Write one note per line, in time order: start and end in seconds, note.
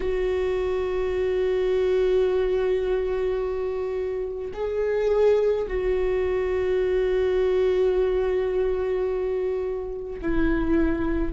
0.00 4.52 F#4
4.53 5.67 G#4
5.67 10.20 F#4
10.21 11.32 E4